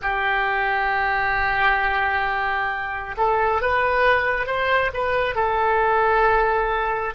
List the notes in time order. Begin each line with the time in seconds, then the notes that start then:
0.02 G4
3.17 A4
3.61 B4
4.46 C5
4.93 B4
5.35 A4